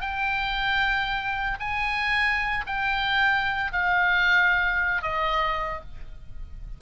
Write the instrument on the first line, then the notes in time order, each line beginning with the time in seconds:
oboe
0.00 G5
1.60 G#5
2.66 G5
3.72 F5
5.02 D#5